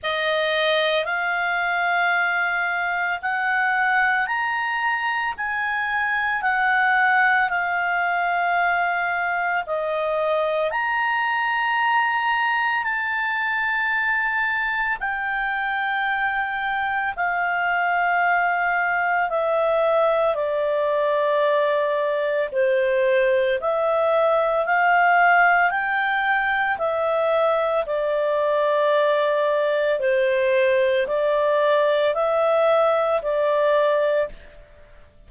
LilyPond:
\new Staff \with { instrumentName = "clarinet" } { \time 4/4 \tempo 4 = 56 dis''4 f''2 fis''4 | ais''4 gis''4 fis''4 f''4~ | f''4 dis''4 ais''2 | a''2 g''2 |
f''2 e''4 d''4~ | d''4 c''4 e''4 f''4 | g''4 e''4 d''2 | c''4 d''4 e''4 d''4 | }